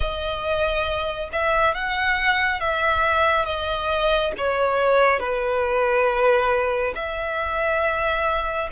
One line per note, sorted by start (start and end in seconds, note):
0.00 1.29 D#5
1.32 1.74 E5
1.74 2.59 F#5
2.59 3.45 E5
3.45 4.32 D#5
4.37 5.19 C#5
5.19 6.93 B4
6.95 8.69 E5